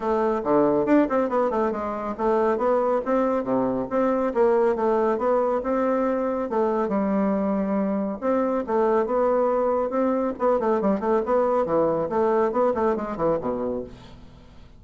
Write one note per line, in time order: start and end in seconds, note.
0.00 0.41 A3
0.44 0.85 D3
0.85 1.07 D4
1.09 1.29 C4
1.29 1.50 B3
1.50 1.71 A3
1.71 2.14 G#3
2.17 2.57 A3
2.57 3.00 B3
3.05 3.43 C4
3.43 3.86 C3
3.89 4.33 C4
4.34 4.75 A#3
4.75 5.18 A3
5.18 5.61 B3
5.63 6.49 C4
6.49 6.88 A3
6.88 8.18 G3
8.21 8.64 C4
8.66 9.05 A3
9.05 9.90 B3
9.90 10.33 C4
10.38 10.59 B3
10.59 10.81 A3
10.81 11.00 G3
11.00 11.21 A3
11.25 11.65 B3
11.65 12.08 E3
12.09 12.52 A3
12.52 12.73 B3
12.74 12.96 A3
12.96 13.17 G#3
13.17 13.38 E3
13.40 13.83 B2